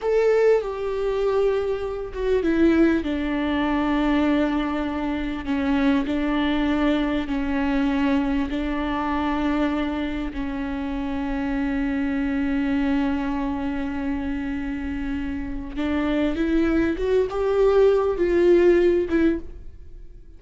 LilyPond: \new Staff \with { instrumentName = "viola" } { \time 4/4 \tempo 4 = 99 a'4 g'2~ g'8 fis'8 | e'4 d'2.~ | d'4 cis'4 d'2 | cis'2 d'2~ |
d'4 cis'2.~ | cis'1~ | cis'2 d'4 e'4 | fis'8 g'4. f'4. e'8 | }